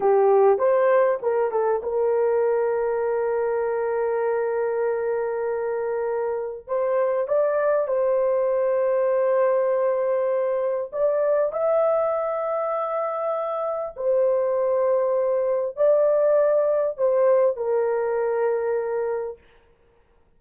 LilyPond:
\new Staff \with { instrumentName = "horn" } { \time 4/4 \tempo 4 = 99 g'4 c''4 ais'8 a'8 ais'4~ | ais'1~ | ais'2. c''4 | d''4 c''2.~ |
c''2 d''4 e''4~ | e''2. c''4~ | c''2 d''2 | c''4 ais'2. | }